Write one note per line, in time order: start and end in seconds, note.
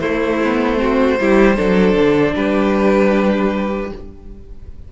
0.00 0.39 A3
0.00 1.19 A3
0.00 0.80 E4
0.00 2.34 C5
0.44 0.77 B3
0.77 1.16 C4
0.77 1.19 F#4
1.19 1.58 G3
1.19 1.56 E4
1.19 1.56 G4
1.56 1.94 F#3
1.56 3.90 D4
1.56 2.34 A4
1.94 2.33 D3
2.35 3.92 G3
2.35 3.91 G4
2.35 3.92 B4